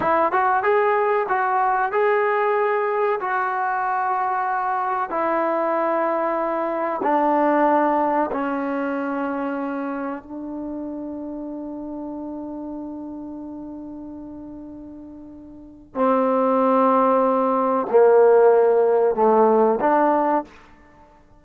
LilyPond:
\new Staff \with { instrumentName = "trombone" } { \time 4/4 \tempo 4 = 94 e'8 fis'8 gis'4 fis'4 gis'4~ | gis'4 fis'2. | e'2. d'4~ | d'4 cis'2. |
d'1~ | d'1~ | d'4 c'2. | ais2 a4 d'4 | }